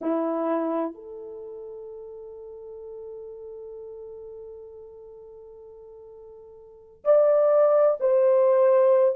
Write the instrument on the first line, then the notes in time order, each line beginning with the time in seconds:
horn
0.01 E4
0.94 A4
7.04 D5
8.00 C5